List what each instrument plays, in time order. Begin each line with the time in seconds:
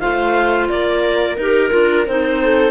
0.00 cello A3, clarinet F4 F5, viola C5
0.69 cello A#3, viola A#4, clarinet D5
1.38 cello D#4, clarinet G4 A#4
1.71 cello D4, clarinet F4
2.07 cello C4, clarinet D#4 C5
2.43 viola A4